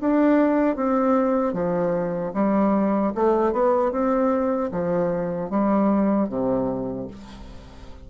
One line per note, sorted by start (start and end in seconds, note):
0.00 0.76 D4
0.76 1.53 C4
1.53 2.32 F3
2.33 3.12 G3
3.15 3.52 A3
3.52 3.91 B3
3.91 4.70 C4
4.72 5.49 F3
5.49 6.28 G3
6.28 7.07 C3